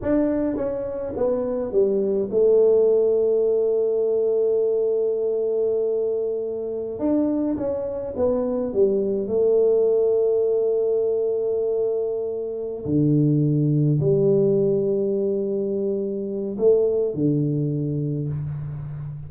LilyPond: \new Staff \with { instrumentName = "tuba" } { \time 4/4 \tempo 4 = 105 d'4 cis'4 b4 g4 | a1~ | a1~ | a16 d'4 cis'4 b4 g8.~ |
g16 a2.~ a8.~ | a2~ a8 d4.~ | d8 g2.~ g8~ | g4 a4 d2 | }